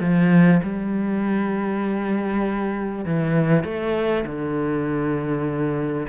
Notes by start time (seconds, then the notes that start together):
0.00 F3
0.63 G3
3.05 E3
3.64 A3
4.25 D3